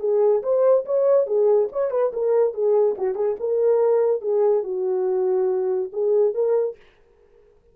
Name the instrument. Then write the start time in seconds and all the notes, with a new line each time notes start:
horn
0.00 G#4
0.43 C5
0.86 C#5
1.27 G#4
1.72 C#5
1.91 B4
2.13 A#4
2.54 G#4
2.98 F#4
3.15 G#4
3.40 A#4
4.22 G#4
4.63 F#4
5.93 G#4
6.34 A#4